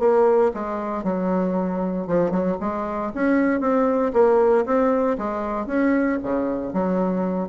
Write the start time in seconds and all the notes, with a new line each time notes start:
0.00 A#3
0.54 G#3
1.04 F#3
2.08 F3
2.31 F#3
2.61 G#3
3.15 C#4
3.61 C4
4.14 A#3
4.66 C4
5.18 G#3
5.67 C#4
6.23 C#3
6.73 F#3